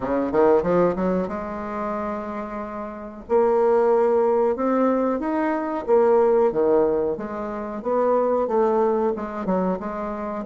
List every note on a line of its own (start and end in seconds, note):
0.00 0.32 C#3
0.32 0.62 D#3
0.62 0.95 F3
0.95 1.28 F#3
1.28 3.23 G#3
3.28 4.56 A#3
4.56 5.19 C4
5.19 5.85 D#4
5.87 6.52 A#3
6.52 7.17 D#3
7.17 7.82 G#3
7.82 8.47 B3
8.47 9.12 A3
9.16 9.45 G#3
9.45 9.78 F#3
9.79 10.45 G#3